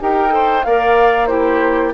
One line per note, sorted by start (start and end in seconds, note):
0.00 0.65 D#4
0.00 0.30 G4
0.00 0.34 A#4
0.00 0.64 G5
0.30 0.62 A4
0.30 0.66 C5
0.64 1.94 A#3
0.64 1.28 A#4
0.64 1.29 D5
0.64 1.27 F5
1.27 1.93 E4
1.27 1.94 G4
1.27 1.91 C5